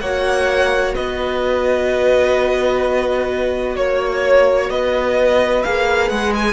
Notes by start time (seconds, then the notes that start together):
0.00 A#3 F#4 C#5 F#5
0.94 B3 B4 D#5
3.76 A#3 C#5
4.70 B3 B4 D#5
5.63 A#3 G#4 F5
6.09 G#3 F#5
6.34 G#5